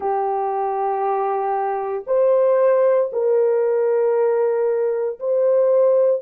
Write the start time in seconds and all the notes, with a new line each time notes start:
0.00 G4
2.06 C5
3.12 A#4
5.19 C5